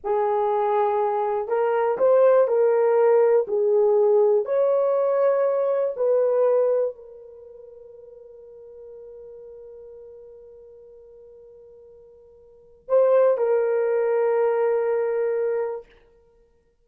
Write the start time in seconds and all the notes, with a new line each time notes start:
0.03 G#4
1.47 A#4
1.98 C5
2.47 A#4
3.47 G#4
4.45 C#5
5.96 B4
6.95 A#4
12.88 C5
13.37 A#4